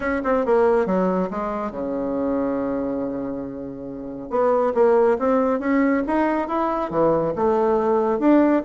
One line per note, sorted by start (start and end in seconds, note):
0.00 0.21 C#4
0.24 0.45 C4
0.45 0.86 A#3
0.86 1.29 F#3
1.30 1.71 G#3
1.71 4.29 C#3
4.29 4.73 B3
4.74 5.17 A#3
5.18 5.59 C4
5.59 6.02 C#4
6.06 6.48 D#4
6.48 6.90 E4
6.90 7.33 E3
7.35 8.19 A3
8.19 8.62 D4